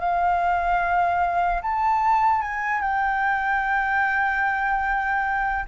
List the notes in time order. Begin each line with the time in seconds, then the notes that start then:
0.00 F5
1.63 A5
2.42 G#5
2.82 G5